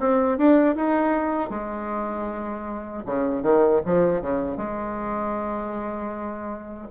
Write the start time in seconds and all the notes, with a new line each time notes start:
0.00 C4
0.38 D4
0.76 D#4
1.50 G#3
3.06 C#3
3.43 D#3
3.85 F3
4.21 C#3
4.57 G#3